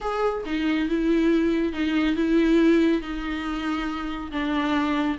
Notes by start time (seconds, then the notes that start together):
0.00 G#4
0.45 D#4
0.88 E4
1.72 D#4
2.15 E4
3.01 D#4
4.31 D4